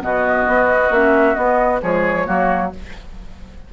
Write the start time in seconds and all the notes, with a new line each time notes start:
0.00 B2 B3 F#4 D#5
0.48 B3
0.91 A#3 C#4 E5
1.35 B3 D#5
1.82 F3 G#3 G#4 C#5
2.26 F#3 A#3 F#4